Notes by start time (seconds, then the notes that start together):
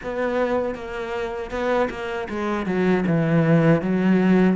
0.03 B3
0.74 A#3
1.50 B3
1.90 A#3
2.29 G#3
2.66 F#3
3.06 E3
3.81 F#3